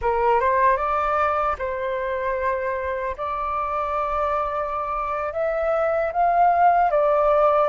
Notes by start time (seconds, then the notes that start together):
0.01 A#4
0.40 C5
0.76 D5
1.58 C5
3.17 D5
5.33 E5
6.12 F5
6.90 D5